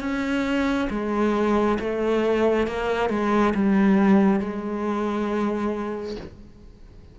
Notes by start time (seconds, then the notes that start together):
0.00 C#4
0.90 G#3
1.79 A3
2.67 A#3
3.09 G#3
3.54 G3
4.40 G#3